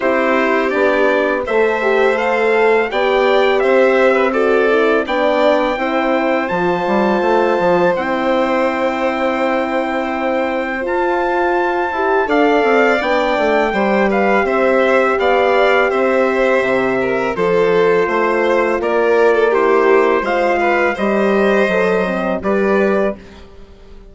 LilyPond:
<<
  \new Staff \with { instrumentName = "trumpet" } { \time 4/4 \tempo 4 = 83 c''4 d''4 e''4 f''4 | g''4 e''4 d''4 g''4~ | g''4 a''2 g''4~ | g''2. a''4~ |
a''4 f''4 g''4. f''8 | e''4 f''4 e''2 | c''2 d''4 c''4 | f''4 dis''2 d''4 | }
  \new Staff \with { instrumentName = "violin" } { \time 4/4 g'2 c''2 | d''4 c''8. b'16 a'4 d''4 | c''1~ | c''1~ |
c''4 d''2 c''8 b'8 | c''4 d''4 c''4. ais'8 | a'4 c''4 ais'8. a'16 g'4 | c''8 b'8 c''2 b'4 | }
  \new Staff \with { instrumentName = "horn" } { \time 4/4 e'4 d'4 a'8 g'8 a'4 | g'2 fis'8 e'8 d'4 | e'4 f'2 e'4~ | e'2. f'4~ |
f'8 g'8 a'4 d'4 g'4~ | g'1 | f'2. e'4 | f'4 g'4 a'8 c'8 g'4 | }
  \new Staff \with { instrumentName = "bassoon" } { \time 4/4 c'4 b4 a2 | b4 c'2 b4 | c'4 f8 g8 a8 f8 c'4~ | c'2. f'4~ |
f'8 e'8 d'8 c'8 b8 a8 g4 | c'4 b4 c'4 c4 | f4 a4 ais2 | gis4 g4 fis4 g4 | }
>>